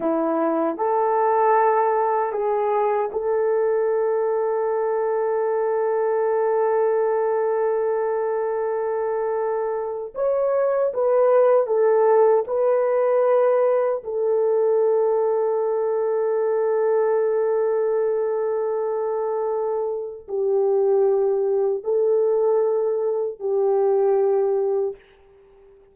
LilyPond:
\new Staff \with { instrumentName = "horn" } { \time 4/4 \tempo 4 = 77 e'4 a'2 gis'4 | a'1~ | a'1~ | a'4 cis''4 b'4 a'4 |
b'2 a'2~ | a'1~ | a'2 g'2 | a'2 g'2 | }